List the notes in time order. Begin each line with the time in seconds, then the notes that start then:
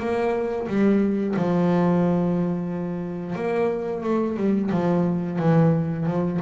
0.00 A#3
0.68 G3
1.37 F3
3.36 A#3
4.04 A3
4.37 G3
4.72 F3
5.39 E3
6.06 F3